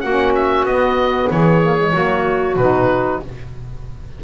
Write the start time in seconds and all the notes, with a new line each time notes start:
0.00 A#3 F#4 F#5
0.07 C#4
0.35 E5
0.63 B3 D#5
1.31 E3 G#4 C#5
1.62 A#3
1.78 G#3
1.92 F#3 A#3 F#4
2.56 B2 D#4 B4